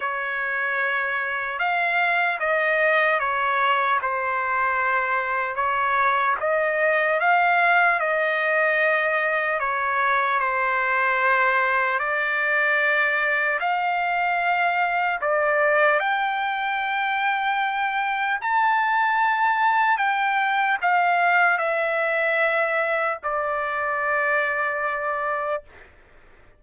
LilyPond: \new Staff \with { instrumentName = "trumpet" } { \time 4/4 \tempo 4 = 75 cis''2 f''4 dis''4 | cis''4 c''2 cis''4 | dis''4 f''4 dis''2 | cis''4 c''2 d''4~ |
d''4 f''2 d''4 | g''2. a''4~ | a''4 g''4 f''4 e''4~ | e''4 d''2. | }